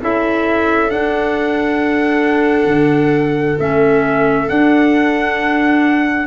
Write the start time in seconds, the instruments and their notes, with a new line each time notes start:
0.00 tuba C#4, clarinet E4, viola A4, trumpet E5
0.88 clarinet D4, tuba D4, trumpet F#5
2.65 tuba D3
3.58 tuba A3, clarinet C#4, trumpet E5
4.48 clarinet D4, tuba D4, trumpet F#5